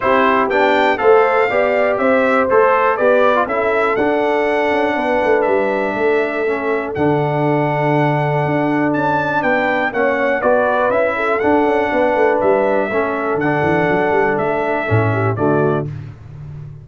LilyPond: <<
  \new Staff \with { instrumentName = "trumpet" } { \time 4/4 \tempo 4 = 121 c''4 g''4 f''2 | e''4 c''4 d''4 e''4 | fis''2. e''4~ | e''2 fis''2~ |
fis''2 a''4 g''4 | fis''4 d''4 e''4 fis''4~ | fis''4 e''2 fis''4~ | fis''4 e''2 d''4 | }
  \new Staff \with { instrumentName = "horn" } { \time 4/4 g'2 c''4 d''4 | c''2 b'4 a'4~ | a'2 b'2 | a'1~ |
a'2. b'4 | cis''4 b'4. a'4. | b'2 a'2~ | a'2~ a'8 g'8 fis'4 | }
  \new Staff \with { instrumentName = "trombone" } { \time 4/4 e'4 d'4 a'4 g'4~ | g'4 a'4 g'8. f'16 e'4 | d'1~ | d'4 cis'4 d'2~ |
d'1 | cis'4 fis'4 e'4 d'4~ | d'2 cis'4 d'4~ | d'2 cis'4 a4 | }
  \new Staff \with { instrumentName = "tuba" } { \time 4/4 c'4 b4 a4 b4 | c'4 a4 b4 cis'4 | d'4. cis'8 b8 a8 g4 | a2 d2~ |
d4 d'4 cis'4 b4 | ais4 b4 cis'4 d'8 cis'8 | b8 a8 g4 a4 d8 e8 | fis8 g8 a4 a,4 d4 | }
>>